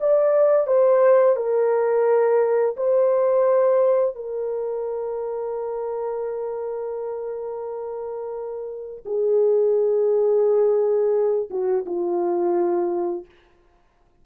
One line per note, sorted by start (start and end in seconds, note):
0.00 0.67 D5
0.67 1.36 C5
1.36 2.76 A#4
2.76 4.15 C5
4.15 9.03 A#4
9.05 11.49 G#4
11.50 11.85 F#4
11.85 13.25 F4